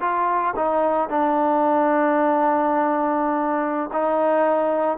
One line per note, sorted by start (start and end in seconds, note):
0.00 0.54 F4
0.56 1.09 D#4
1.09 3.90 D4
3.93 4.97 D#4